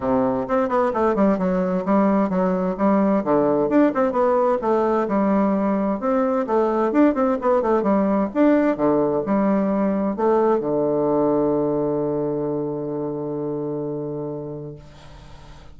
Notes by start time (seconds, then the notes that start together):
0.00 C3
0.48 C4
0.69 B3
0.93 A3
1.15 G3
1.38 F#3
1.85 G3
2.29 F#3
2.77 G3
3.23 D3
3.69 D4
3.94 C4
4.12 B3
4.61 A3
5.08 G3
6.00 C4
6.47 A3
6.92 D4
7.14 C4
7.41 B3
7.62 A3
7.83 G3
8.33 D4
8.76 D3
9.26 G3
10.16 A3
10.59 D3